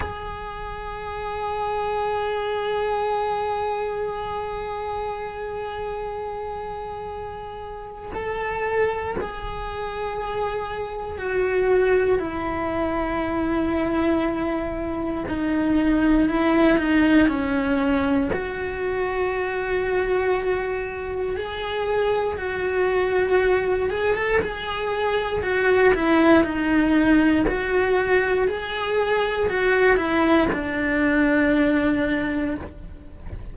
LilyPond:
\new Staff \with { instrumentName = "cello" } { \time 4/4 \tempo 4 = 59 gis'1~ | gis'1 | a'4 gis'2 fis'4 | e'2. dis'4 |
e'8 dis'8 cis'4 fis'2~ | fis'4 gis'4 fis'4. gis'16 a'16 | gis'4 fis'8 e'8 dis'4 fis'4 | gis'4 fis'8 e'8 d'2 | }